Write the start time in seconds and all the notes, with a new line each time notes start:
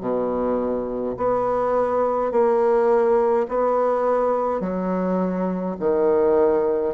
0.00 B2
1.17 B3
2.31 A#3
3.48 B3
4.60 F#3
5.79 D#3